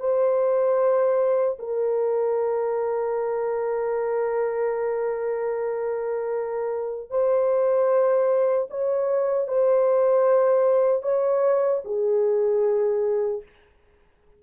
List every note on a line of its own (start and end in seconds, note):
0.00 1.58 C5
1.59 7.10 A#4
7.10 8.68 C5
8.70 9.48 C#5
9.48 11.02 C5
11.02 11.81 C#5
11.85 13.42 G#4